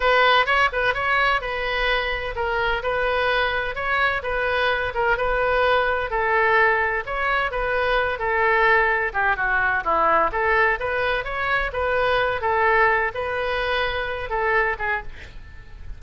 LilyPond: \new Staff \with { instrumentName = "oboe" } { \time 4/4 \tempo 4 = 128 b'4 cis''8 b'8 cis''4 b'4~ | b'4 ais'4 b'2 | cis''4 b'4. ais'8 b'4~ | b'4 a'2 cis''4 |
b'4. a'2 g'8 | fis'4 e'4 a'4 b'4 | cis''4 b'4. a'4. | b'2~ b'8 a'4 gis'8 | }